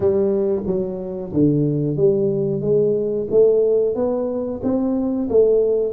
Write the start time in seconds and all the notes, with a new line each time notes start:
0.00 G3
0.66 F#3
1.33 D3
1.96 G3
2.61 G#3
3.30 A3
3.95 B3
4.63 C4
5.29 A3